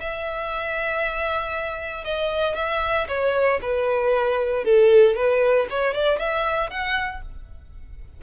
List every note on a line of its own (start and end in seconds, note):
0.00 2.04 E5
2.04 2.55 D#5
2.55 3.07 E5
3.08 3.60 C#5
3.62 4.64 B4
4.64 5.16 A4
5.16 5.68 B4
5.70 5.94 C#5
5.94 6.19 D5
6.19 6.70 E5
6.70 7.22 F#5